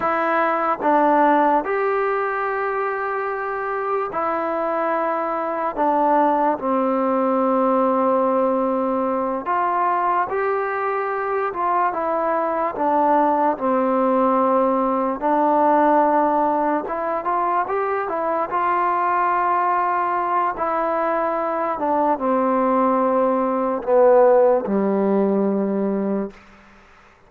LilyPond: \new Staff \with { instrumentName = "trombone" } { \time 4/4 \tempo 4 = 73 e'4 d'4 g'2~ | g'4 e'2 d'4 | c'2.~ c'8 f'8~ | f'8 g'4. f'8 e'4 d'8~ |
d'8 c'2 d'4.~ | d'8 e'8 f'8 g'8 e'8 f'4.~ | f'4 e'4. d'8 c'4~ | c'4 b4 g2 | }